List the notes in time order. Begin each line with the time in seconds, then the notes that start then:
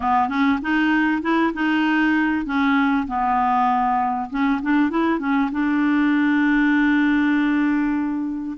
0.00 B3
0.28 C#4
0.62 D#4
1.22 E4
1.53 D#4
2.45 C#4
3.07 B3
4.30 C#4
4.61 D4
4.90 E4
5.19 C#4
5.51 D4